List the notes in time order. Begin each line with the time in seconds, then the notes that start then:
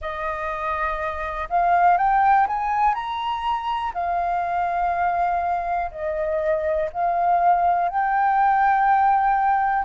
0.00 D#5
1.49 F5
1.97 G5
2.47 G#5
2.94 A#5
3.93 F5
5.91 D#5
6.93 F5
7.89 G5